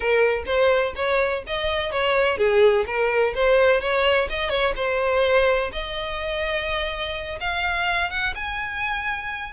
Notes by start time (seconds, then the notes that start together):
0.00 A#4
0.46 C5
0.95 C#5
1.46 D#5
1.91 C#5
2.37 G#4
2.86 A#4
3.35 C5
3.81 C#5
4.29 D#5
4.49 C#5
4.76 C5
5.72 D#5
7.40 F5
8.10 F#5
8.35 G#5